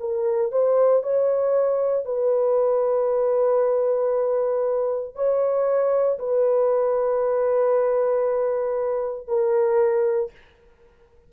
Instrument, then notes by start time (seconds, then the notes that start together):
horn
0.00 A#4
0.52 C5
1.03 C#5
2.05 B4
5.15 C#5
6.19 B4
9.27 A#4